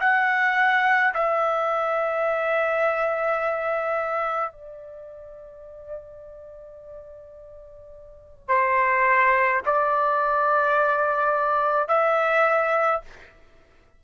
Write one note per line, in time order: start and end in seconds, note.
0.00 1.13 F#5
1.14 4.52 E5
4.52 8.48 D5
8.48 9.61 C5
9.65 11.88 D5
11.88 13.01 E5